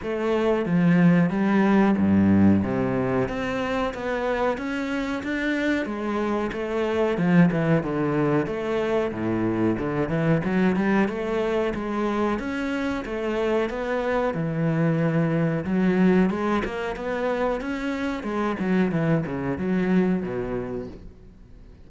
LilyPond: \new Staff \with { instrumentName = "cello" } { \time 4/4 \tempo 4 = 92 a4 f4 g4 g,4 | c4 c'4 b4 cis'4 | d'4 gis4 a4 f8 e8 | d4 a4 a,4 d8 e8 |
fis8 g8 a4 gis4 cis'4 | a4 b4 e2 | fis4 gis8 ais8 b4 cis'4 | gis8 fis8 e8 cis8 fis4 b,4 | }